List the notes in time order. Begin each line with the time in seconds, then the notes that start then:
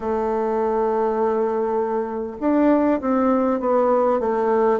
0.00 A3
2.40 D4
3.00 C4
3.59 B3
4.20 A3